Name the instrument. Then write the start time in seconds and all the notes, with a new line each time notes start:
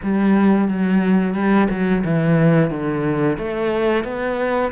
cello
0.02 G3
0.67 F#3
1.34 G3
1.69 F#3
2.04 E3
2.70 D3
3.37 A3
4.04 B3